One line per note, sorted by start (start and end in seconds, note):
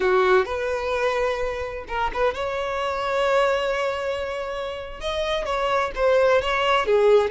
0.00 0.45 F#4
0.45 1.85 B4
1.87 2.11 A#4
2.13 2.34 B4
2.34 5.00 C#5
5.00 5.45 D#5
5.45 5.91 C#5
5.95 6.41 C5
6.41 6.86 C#5
6.86 7.30 G#4